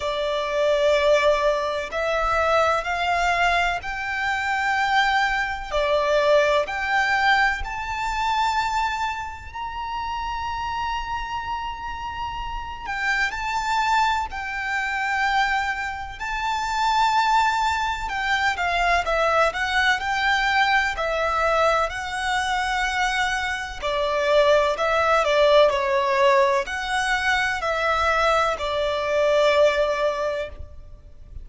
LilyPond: \new Staff \with { instrumentName = "violin" } { \time 4/4 \tempo 4 = 63 d''2 e''4 f''4 | g''2 d''4 g''4 | a''2 ais''2~ | ais''4. g''8 a''4 g''4~ |
g''4 a''2 g''8 f''8 | e''8 fis''8 g''4 e''4 fis''4~ | fis''4 d''4 e''8 d''8 cis''4 | fis''4 e''4 d''2 | }